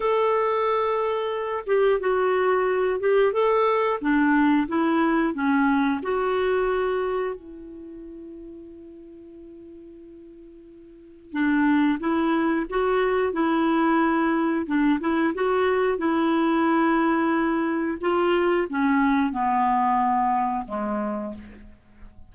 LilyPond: \new Staff \with { instrumentName = "clarinet" } { \time 4/4 \tempo 4 = 90 a'2~ a'8 g'8 fis'4~ | fis'8 g'8 a'4 d'4 e'4 | cis'4 fis'2 e'4~ | e'1~ |
e'4 d'4 e'4 fis'4 | e'2 d'8 e'8 fis'4 | e'2. f'4 | cis'4 b2 gis4 | }